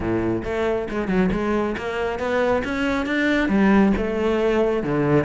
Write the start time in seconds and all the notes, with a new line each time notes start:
0.00 A2
0.44 A3
0.90 G#3
1.08 F#3
1.32 G#3
1.77 A#3
2.19 B3
2.64 C#4
3.06 D4
3.49 G3
3.97 A3
4.83 D3